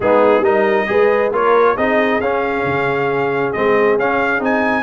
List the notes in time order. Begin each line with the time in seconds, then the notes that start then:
0.00 G#3 B3 D#4 G#4
0.40 G3 D#4 A#4 D#5
0.87 G#3 G#4 B4
1.31 A#3 F4 A#4 C#5
1.75 C4 D#4 G#4 D#5
2.20 C#4 F5
2.65 C#3
3.52 G#3 C4 D#5
3.97 C#4 F5
4.39 C4 D#4 G#5